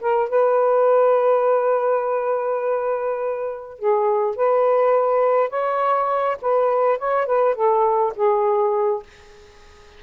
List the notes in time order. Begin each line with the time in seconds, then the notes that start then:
0.00 A#4
0.29 B4
3.79 G#4
4.36 B4
5.49 C#5
6.41 B4
6.98 C#5
7.26 B4
7.55 A4
8.15 G#4